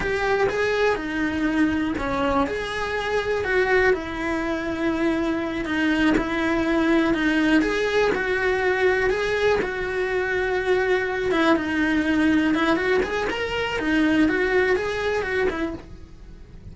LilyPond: \new Staff \with { instrumentName = "cello" } { \time 4/4 \tempo 4 = 122 g'4 gis'4 dis'2 | cis'4 gis'2 fis'4 | e'2.~ e'8 dis'8~ | dis'8 e'2 dis'4 gis'8~ |
gis'8 fis'2 gis'4 fis'8~ | fis'2. e'8 dis'8~ | dis'4. e'8 fis'8 gis'8 ais'4 | dis'4 fis'4 gis'4 fis'8 e'8 | }